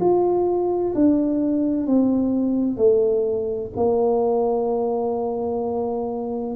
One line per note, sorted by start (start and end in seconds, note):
0.00 0.94 F4
0.95 1.87 D4
1.87 2.77 C4
2.77 3.71 A3
3.76 6.56 A#3